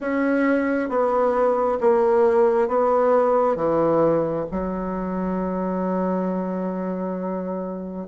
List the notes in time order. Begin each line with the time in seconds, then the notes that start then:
0.00 C#4
0.89 B3
1.80 A#3
2.68 B3
3.56 E3
4.51 F#3